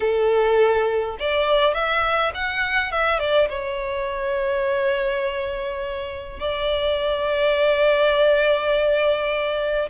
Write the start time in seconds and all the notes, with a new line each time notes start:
0.00 A4
1.19 D5
1.73 E5
2.34 F#5
2.91 E5
3.19 D5
3.49 C#5
6.39 D5